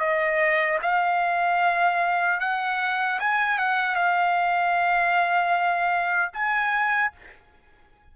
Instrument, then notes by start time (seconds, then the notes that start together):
trumpet
0.00 D#5
0.82 F5
2.40 F#5
3.20 G#5
3.58 F#5
3.95 F5
6.33 G#5